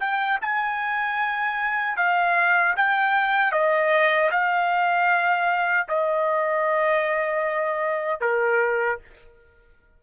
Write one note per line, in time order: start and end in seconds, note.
0.00 0.39 G5
0.41 1.97 G#5
1.97 2.74 F5
2.76 3.52 G5
3.52 4.30 D#5
4.31 5.87 F5
5.88 8.21 D#5
8.21 8.99 A#4